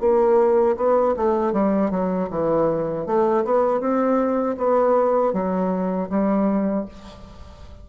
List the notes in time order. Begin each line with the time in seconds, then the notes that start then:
0.00 A#3
0.77 B3
1.16 A3
1.53 G3
1.91 F#3
2.30 E3
3.06 A3
3.45 B3
3.80 C4
4.57 B3
5.33 F#3
6.09 G3